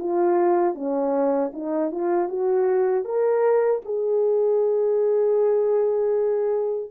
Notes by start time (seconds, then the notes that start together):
0.00 F4
0.75 C#4
1.53 D#4
1.92 F4
2.29 F#4
3.05 A#4
3.85 G#4